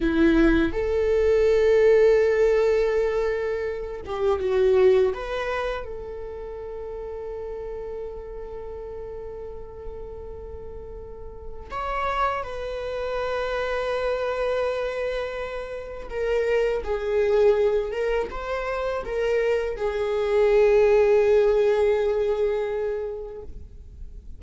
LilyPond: \new Staff \with { instrumentName = "viola" } { \time 4/4 \tempo 4 = 82 e'4 a'2.~ | a'4. g'8 fis'4 b'4 | a'1~ | a'1 |
cis''4 b'2.~ | b'2 ais'4 gis'4~ | gis'8 ais'8 c''4 ais'4 gis'4~ | gis'1 | }